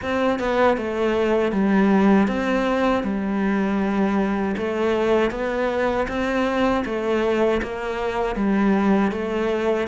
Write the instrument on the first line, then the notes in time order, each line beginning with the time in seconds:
cello
0.01 C4
0.39 B3
0.77 A3
1.52 G3
2.27 C4
3.03 G3
4.57 A3
5.30 B3
6.08 C4
6.85 A3
7.62 A#3
8.35 G3
9.11 A3